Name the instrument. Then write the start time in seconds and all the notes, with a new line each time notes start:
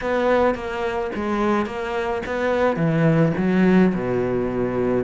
cello
0.01 B3
0.54 A#3
1.15 G#3
1.65 A#3
2.26 B3
2.76 E3
3.37 F#3
3.94 B2